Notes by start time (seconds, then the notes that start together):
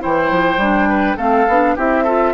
0.00 E3 E4 C5 G5
0.30 F3
0.57 G3 D4
0.89 B4
1.17 A3 C4 A4 F5
1.48 B3 D4
1.76 C4 E4 G4 E5
2.04 F4 A4